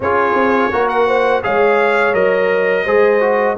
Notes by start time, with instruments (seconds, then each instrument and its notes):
0.00 tuba C#4, trombone F4, horn G#4, trumpet C#5
0.33 tuba C4
0.71 tuba A#3, trombone F#4, horn A#4
0.88 trumpet F#5
1.06 horn C5
1.43 tuba G#3, trombone G#4, horn C#5, trumpet F5
2.13 tuba F#3, trombone A#4, trumpet D#5
2.84 tuba G#3, trombone G#4, horn C5
3.20 trombone F#4